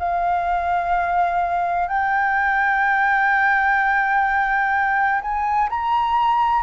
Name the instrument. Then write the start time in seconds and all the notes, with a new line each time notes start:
flute
0.00 F5
1.88 G5
5.22 G#5
5.70 A#5